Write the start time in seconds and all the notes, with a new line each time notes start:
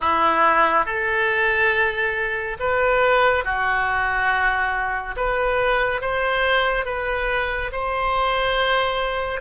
0.00 E4
0.85 A4
2.59 B4
3.44 F#4
5.16 B4
6.01 C5
6.85 B4
7.71 C5